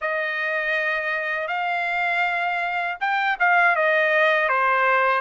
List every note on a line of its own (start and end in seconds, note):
0.01 1.47 D#5
1.47 2.97 F5
3.00 3.38 G5
3.40 3.75 F5
3.75 4.48 D#5
4.48 5.21 C5